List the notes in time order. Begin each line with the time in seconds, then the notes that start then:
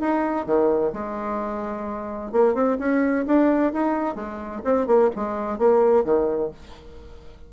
0.00 D#4
0.46 D#3
0.93 G#3
2.32 A#3
2.54 C4
2.79 C#4
3.26 D4
3.73 D#4
4.15 G#3
4.64 C4
4.87 A#3
5.15 G#3
5.58 A#3
6.04 D#3